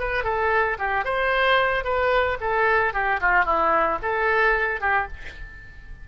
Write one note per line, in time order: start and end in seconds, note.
0.00 0.24 B4
0.24 0.78 A4
0.79 1.05 G4
1.05 1.85 C5
1.85 2.38 B4
2.41 2.94 A4
2.94 3.21 G4
3.21 3.45 F4
3.45 3.99 E4
4.03 4.81 A4
4.81 5.08 G4